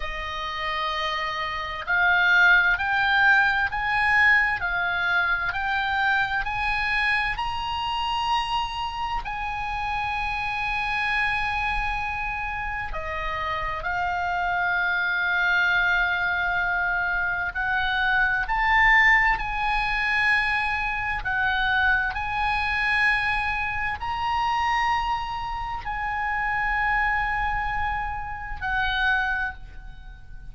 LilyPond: \new Staff \with { instrumentName = "oboe" } { \time 4/4 \tempo 4 = 65 dis''2 f''4 g''4 | gis''4 f''4 g''4 gis''4 | ais''2 gis''2~ | gis''2 dis''4 f''4~ |
f''2. fis''4 | a''4 gis''2 fis''4 | gis''2 ais''2 | gis''2. fis''4 | }